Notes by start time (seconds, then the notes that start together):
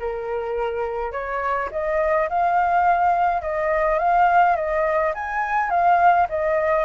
0.00 A#4
1.12 C#5
1.72 D#5
2.29 F5
3.42 D#5
3.99 F5
4.56 D#5
5.15 G#5
5.70 F5
6.30 D#5